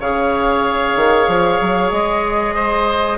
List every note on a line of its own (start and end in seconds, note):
0.00 0.96 C#3
0.00 3.18 G#4
0.00 2.55 C#5
0.00 1.91 F5
0.96 1.28 D#3
1.28 1.59 F3
1.61 1.92 F#3
1.91 3.18 G#3
1.91 3.18 D#5
2.55 3.18 C5